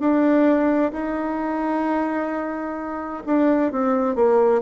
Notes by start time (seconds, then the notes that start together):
0.00 D4
0.93 D#4
3.27 D4
3.73 C4
4.16 A#3